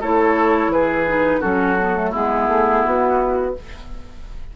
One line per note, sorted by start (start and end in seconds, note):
0.00 0.67 A3
0.00 1.07 E4
0.00 0.71 A4
0.00 0.72 C#5
0.67 1.38 E3
0.67 1.40 G#4
0.67 1.41 B4
1.07 1.41 D#4
1.40 2.14 F#3
1.40 1.77 C#4
1.40 2.10 F#4
1.40 2.12 A4
1.78 1.96 B3
1.96 2.13 A3
2.10 2.47 G#3
2.10 3.54 B3
2.10 3.51 E4
2.10 2.84 G#4
2.47 2.83 A3
2.84 3.56 B3
2.84 3.55 F#4